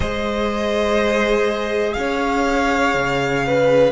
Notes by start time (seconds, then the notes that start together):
0.00 G#3 G#4 C5 D#5
1.93 C#4 C#5 F5
2.94 C#3
3.46 B4